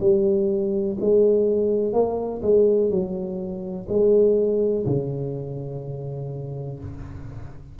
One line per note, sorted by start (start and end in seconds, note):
0.00 0.97 G3
1.00 1.93 G#3
1.93 2.41 A#3
2.42 2.90 G#3
2.90 3.87 F#3
3.88 4.85 G#3
4.86 6.79 C#3